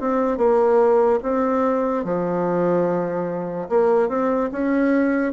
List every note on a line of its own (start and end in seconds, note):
0.00 0.37 C4
0.37 1.19 A#3
1.23 2.04 C4
2.04 3.69 F3
3.69 4.08 A#3
4.08 4.49 C4
4.52 5.33 C#4